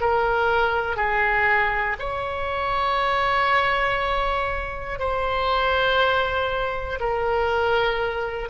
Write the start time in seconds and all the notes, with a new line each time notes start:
0.00 A#4
0.96 G#4
1.99 C#5
4.99 C5
7.00 A#4